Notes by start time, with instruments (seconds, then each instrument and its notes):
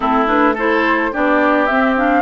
0.00 bassoon A3, clarinet C4, oboe E4, flute A4
0.26 clarinet D4, flute B4
0.54 clarinet E4, oboe A4, flute C5
1.12 bassoon B3, clarinet D4, oboe G4, flute D5
1.66 clarinet C4, bassoon C4, flute E5
1.96 clarinet D4, flute F5